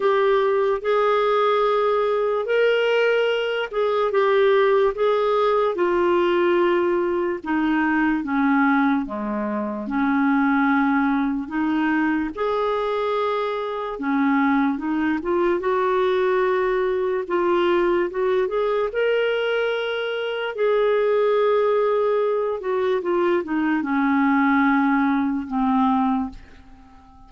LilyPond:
\new Staff \with { instrumentName = "clarinet" } { \time 4/4 \tempo 4 = 73 g'4 gis'2 ais'4~ | ais'8 gis'8 g'4 gis'4 f'4~ | f'4 dis'4 cis'4 gis4 | cis'2 dis'4 gis'4~ |
gis'4 cis'4 dis'8 f'8 fis'4~ | fis'4 f'4 fis'8 gis'8 ais'4~ | ais'4 gis'2~ gis'8 fis'8 | f'8 dis'8 cis'2 c'4 | }